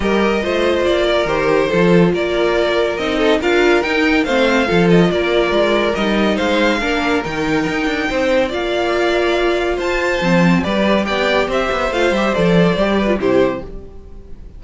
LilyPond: <<
  \new Staff \with { instrumentName = "violin" } { \time 4/4 \tempo 4 = 141 dis''2 d''4 c''4~ | c''4 d''2 dis''4 | f''4 g''4 f''4. dis''8 | d''2 dis''4 f''4~ |
f''4 g''2. | f''2. a''4~ | a''4 d''4 g''4 e''4 | f''8 e''8 d''2 c''4 | }
  \new Staff \with { instrumentName = "violin" } { \time 4/4 ais'4 c''4. ais'4. | a'4 ais'2~ ais'8 a'8 | ais'2 c''4 a'4 | ais'2. c''4 |
ais'2. c''4 | d''2. c''4~ | c''4 b'4 d''4 c''4~ | c''2~ c''8 b'8 g'4 | }
  \new Staff \with { instrumentName = "viola" } { \time 4/4 g'4 f'2 g'4 | f'2. dis'4 | f'4 dis'4 c'4 f'4~ | f'2 dis'2 |
d'4 dis'2. | f'1 | c'4 g'2. | f'8 g'8 a'4 g'8. f'16 e'4 | }
  \new Staff \with { instrumentName = "cello" } { \time 4/4 g4 a4 ais4 dis4 | f4 ais2 c'4 | d'4 dis'4 a4 f4 | ais4 gis4 g4 gis4 |
ais4 dis4 dis'8 d'8 c'4 | ais2. f'4 | f4 g4 b4 c'8 b8 | a8 g8 f4 g4 c4 | }
>>